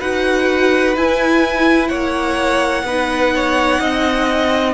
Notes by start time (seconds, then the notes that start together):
0.00 D#4 F#4 B4 F#5
0.96 E4 G#5
1.88 A#3 C#5 F#5
2.84 B3 D#4 B4
3.36 C#5
3.81 C4 D#5